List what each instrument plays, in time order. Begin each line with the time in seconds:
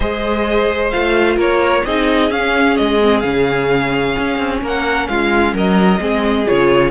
0.00 cello G#3, viola G#4, violin C5 D#5
0.90 cello A3, viola F4, violin F5
1.36 cello A#3, violin A#4 C#5
1.85 cello C4, viola D#4, violin G#4 D#5
2.30 viola C#4, cello C#4, violin F5
2.76 cello G#3, violin D#5
3.01 viola C4
3.19 cello C#3, viola C#4, violin F5
4.18 cello C#4
4.38 cello C4
4.61 cello A#3, violin A#4 F#5
5.07 cello G#3, violin F4 F5
5.53 cello F#3, violin A#4 D#5
6.00 cello G#3, viola C4, violin G#4
6.46 cello C#3, viola F4, violin C#5